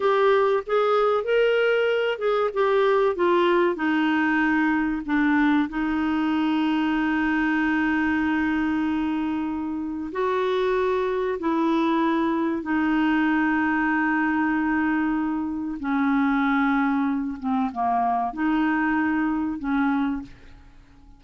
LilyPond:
\new Staff \with { instrumentName = "clarinet" } { \time 4/4 \tempo 4 = 95 g'4 gis'4 ais'4. gis'8 | g'4 f'4 dis'2 | d'4 dis'2.~ | dis'1 |
fis'2 e'2 | dis'1~ | dis'4 cis'2~ cis'8 c'8 | ais4 dis'2 cis'4 | }